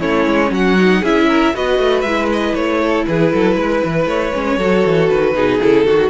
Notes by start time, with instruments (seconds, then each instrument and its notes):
0.00 cello A3, viola C#4, violin E4 C#5
0.27 cello G#3
0.51 cello F#3, violin F#4 F#5
0.79 viola D#4
1.00 cello C#4, viola E4, violin G#4 E5
1.29 violin A#4
1.54 cello B3, viola F#4, violin B4 D#5
1.79 cello A3
2.01 cello G#3, violin E5
2.08 viola E4
2.33 violin D#5
2.55 cello A3, violin C#5
2.81 violin A4
3.06 cello E3, violin G#4 B4
3.34 cello F#3, violin A4
3.56 cello G#3, violin B4
3.85 cello E3
4.06 cello A3, violin C#5
4.33 cello G#3, viola C#4
4.58 cello F#3, viola F#4, violin A4
4.86 cello E3
5.09 cello D#3, violin B4
5.34 cello B2, viola D#4, violin G#4
5.61 cello C#3, viola E4, violin A4
5.85 cello D#3, violin F#4, viola F#4